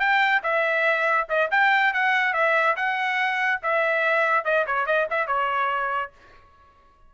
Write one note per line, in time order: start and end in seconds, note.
0.00 0.42 G5
0.43 1.28 E5
1.29 1.51 D#5
1.51 1.94 G5
1.94 2.34 F#5
2.34 2.76 E5
2.77 3.61 F#5
3.63 4.45 E5
4.45 4.66 D#5
4.67 4.87 C#5
4.87 5.08 D#5
5.11 5.27 E5
5.27 6.12 C#5